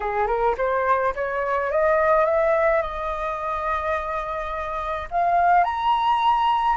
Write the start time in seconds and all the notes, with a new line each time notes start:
0.00 G#4
0.27 A#4
0.57 C5
1.15 C#5
1.71 D#5
2.25 E5
2.81 D#5
5.10 F5
5.63 A#5